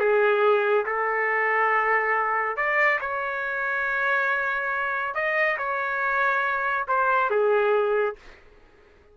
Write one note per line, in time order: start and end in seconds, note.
0.00 0.86 G#4
0.86 2.57 A4
2.57 3.00 D5
3.01 5.15 C#5
5.15 5.58 D#5
5.58 6.87 C#5
6.88 7.30 C5
7.30 8.16 G#4